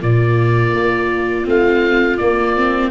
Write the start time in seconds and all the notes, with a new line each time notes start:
0.00 A#2 A#3 F4 D5
0.73 A#3
1.44 A3 C4 F5
2.17 A#3 D5
2.56 C4